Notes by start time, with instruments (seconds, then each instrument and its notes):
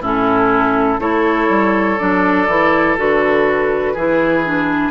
0.00 bassoon A2, clarinet C#4, oboe E4, flute A4
0.98 bassoon A3, clarinet E4, oboe A4, flute C#5
1.49 bassoon G3
1.98 bassoon F#3, clarinet D4, flute D5
2.47 bassoon E3, clarinet E4
2.97 bassoon D3, clarinet F#4, flute B4
3.93 bassoon E3, clarinet E4, oboe G#4
4.44 clarinet D4